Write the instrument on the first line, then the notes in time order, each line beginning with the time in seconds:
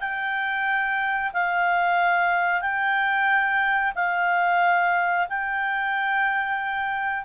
clarinet
0.00 G5
1.34 F5
2.61 G5
3.96 F5
5.29 G5